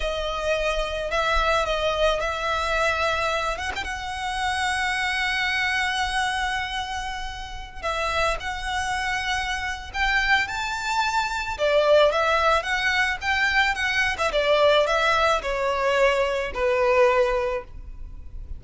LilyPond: \new Staff \with { instrumentName = "violin" } { \time 4/4 \tempo 4 = 109 dis''2 e''4 dis''4 | e''2~ e''8 fis''16 g''16 fis''4~ | fis''1~ | fis''2~ fis''16 e''4 fis''8.~ |
fis''2 g''4 a''4~ | a''4 d''4 e''4 fis''4 | g''4 fis''8. e''16 d''4 e''4 | cis''2 b'2 | }